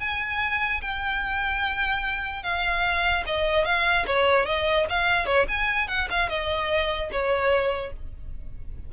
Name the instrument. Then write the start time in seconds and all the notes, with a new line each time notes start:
violin
0.00 G#5
0.81 G5
2.43 F5
3.26 D#5
3.65 F5
4.07 C#5
4.46 D#5
4.90 F5
5.26 C#5
5.49 G#5
5.88 F#5
6.10 F5
6.29 D#5
7.12 C#5